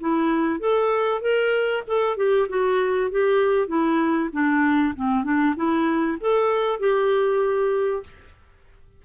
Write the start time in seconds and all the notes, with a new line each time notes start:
0.00 E4
0.60 A4
1.21 A#4
1.87 A4
2.17 G4
2.49 F#4
3.11 G4
3.68 E4
4.33 D4
4.96 C4
5.24 D4
5.56 E4
6.21 A4
6.80 G4